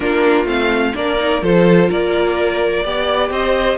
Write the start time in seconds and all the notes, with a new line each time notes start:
0.00 A#3 D4 F4 A#4
0.45 A3 C4 F5
0.94 A#3 D4 A#4 D5
1.18 D#4
1.41 F3 F4 A4 C5
1.89 A#3 A#4 D5
2.82 B3 G4 D5
3.30 C4 C5 D#5